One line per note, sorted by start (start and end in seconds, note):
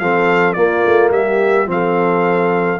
0.00 0.57 F3
0.00 0.57 C4
0.00 0.56 A4
0.00 0.53 F5
0.53 0.85 A#3
0.53 1.67 A#3
0.53 1.12 F4
0.53 1.09 D5
0.86 1.11 A3
1.11 1.66 G3
1.11 1.69 G4
1.11 1.68 E5
1.66 2.79 F3
1.66 2.79 C4
1.66 2.80 F5
1.73 2.80 A4